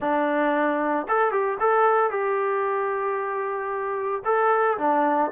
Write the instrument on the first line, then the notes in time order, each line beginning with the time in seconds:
trombone
0.00 D4
1.08 A4
1.31 G4
1.60 A4
2.10 G4
4.24 A4
4.78 D4